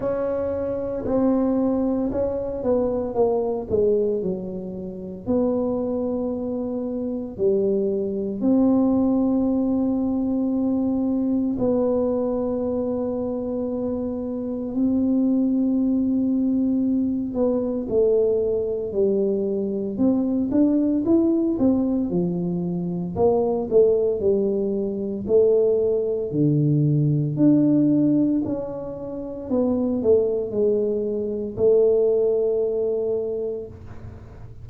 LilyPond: \new Staff \with { instrumentName = "tuba" } { \time 4/4 \tempo 4 = 57 cis'4 c'4 cis'8 b8 ais8 gis8 | fis4 b2 g4 | c'2. b4~ | b2 c'2~ |
c'8 b8 a4 g4 c'8 d'8 | e'8 c'8 f4 ais8 a8 g4 | a4 d4 d'4 cis'4 | b8 a8 gis4 a2 | }